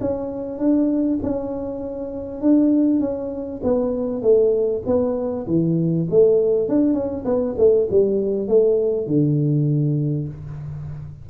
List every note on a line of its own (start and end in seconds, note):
0.00 0.58 C#4
0.58 1.19 D4
1.22 2.41 C#4
2.41 3.00 D4
3.00 3.60 C#4
3.63 4.21 B3
4.21 4.82 A3
4.86 5.46 B3
5.47 6.07 E3
6.10 6.68 A3
6.68 6.93 D4
6.93 7.24 C#4
7.25 7.55 B3
7.58 7.88 A3
7.90 8.48 G3
8.48 9.07 A3
9.07 10.28 D3